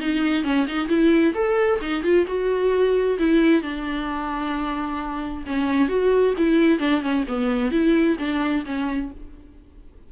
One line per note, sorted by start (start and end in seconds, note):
0.00 0.44 D#4
0.44 0.66 C#4
0.67 0.88 D#4
0.88 1.34 E4
1.35 1.80 A4
1.81 2.03 D#4
2.03 2.26 F4
2.27 3.18 F#4
3.19 3.62 E4
3.62 5.44 D4
5.47 5.89 C#4
5.89 6.34 F#4
6.38 6.79 E4
6.79 7.02 D4
7.02 7.24 C#4
7.28 7.71 B3
7.71 8.17 E4
8.19 8.64 D4
8.66 9.11 C#4